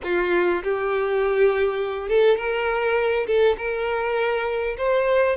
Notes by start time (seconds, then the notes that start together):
0.03 F4
0.63 G4
2.08 A4
2.37 A#4
3.26 A4
3.57 A#4
4.77 C5